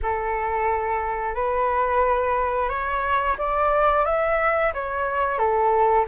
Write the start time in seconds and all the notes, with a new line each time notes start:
0.02 A4
1.34 B4
2.69 C#5
3.38 D5
4.05 E5
4.73 C#5
5.38 A4